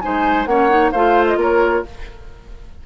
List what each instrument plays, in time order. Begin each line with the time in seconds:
0.00 bassoon G#3, clarinet D#4, oboe C5, flute G#5
0.45 bassoon A#3, clarinet C#4, oboe C#5, flute F#5
0.69 clarinet D#4
0.91 bassoon A3, clarinet F4, oboe C5, flute F5
1.27 flute D#5
1.36 bassoon A#3, oboe A#4, flute C#5